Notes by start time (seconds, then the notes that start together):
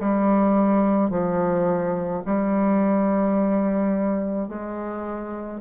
0.00 G3
1.10 F3
2.25 G3
4.48 G#3